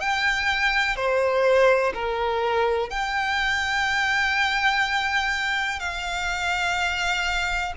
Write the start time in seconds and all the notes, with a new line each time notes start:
0.00 G5
0.96 C5
1.94 A#4
2.90 G5
5.80 F5